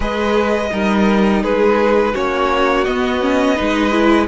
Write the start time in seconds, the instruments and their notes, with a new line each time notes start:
0.00 cello G#3, viola G#4, violin B4 D#5
0.70 cello G3, viola D#4, violin A#4
1.42 cello G#3, violin G#4 B4
2.13 cello A#3, viola C#4, violin F#4 C#5
2.84 cello B3, viola B3, violin D#5
3.21 viola C#4
3.55 cello G#3, viola D#4, violin B4
3.91 viola E4